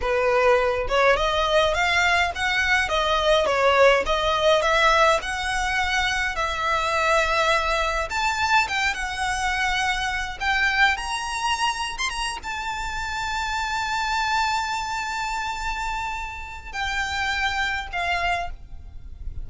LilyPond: \new Staff \with { instrumentName = "violin" } { \time 4/4 \tempo 4 = 104 b'4. cis''8 dis''4 f''4 | fis''4 dis''4 cis''4 dis''4 | e''4 fis''2 e''4~ | e''2 a''4 g''8 fis''8~ |
fis''2 g''4 ais''4~ | ais''8. c'''16 ais''8 a''2~ a''8~ | a''1~ | a''4 g''2 f''4 | }